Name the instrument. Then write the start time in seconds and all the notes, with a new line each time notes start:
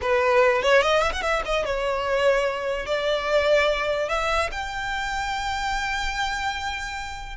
violin
0.01 B4
0.62 C#5
0.81 D#5
1.01 E5
1.12 F#5
1.22 E5
1.45 D#5
1.65 C#5
2.86 D5
4.09 E5
4.51 G5